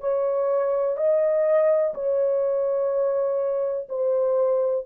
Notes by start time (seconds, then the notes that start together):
0.00 C#5
0.97 D#5
1.94 C#5
3.89 C5